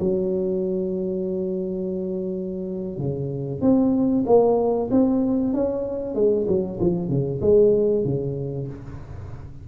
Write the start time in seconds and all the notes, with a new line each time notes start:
0.00 F#3
2.98 C#3
3.61 C4
4.26 A#3
4.91 C4
5.53 C#4
6.15 G#3
6.48 F#3
6.80 F3
7.09 C#3
7.41 G#3
8.04 C#3